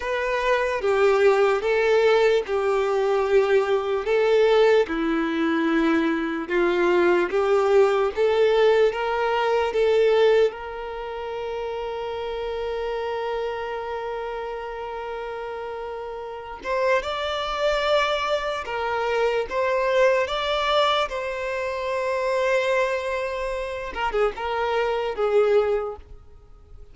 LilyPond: \new Staff \with { instrumentName = "violin" } { \time 4/4 \tempo 4 = 74 b'4 g'4 a'4 g'4~ | g'4 a'4 e'2 | f'4 g'4 a'4 ais'4 | a'4 ais'2.~ |
ais'1~ | ais'8 c''8 d''2 ais'4 | c''4 d''4 c''2~ | c''4. ais'16 gis'16 ais'4 gis'4 | }